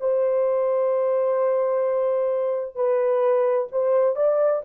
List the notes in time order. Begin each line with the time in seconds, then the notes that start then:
0.00 C5
2.75 B4
3.72 C5
4.16 D5